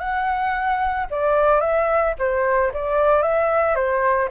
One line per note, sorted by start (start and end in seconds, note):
0.00 1.07 F#5
1.11 1.60 D5
1.60 2.14 E5
2.19 2.72 C5
2.74 3.23 D5
3.23 3.75 E5
3.75 4.29 C5